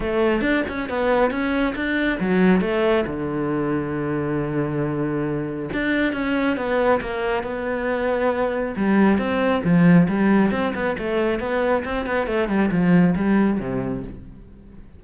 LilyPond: \new Staff \with { instrumentName = "cello" } { \time 4/4 \tempo 4 = 137 a4 d'8 cis'8 b4 cis'4 | d'4 fis4 a4 d4~ | d1~ | d4 d'4 cis'4 b4 |
ais4 b2. | g4 c'4 f4 g4 | c'8 b8 a4 b4 c'8 b8 | a8 g8 f4 g4 c4 | }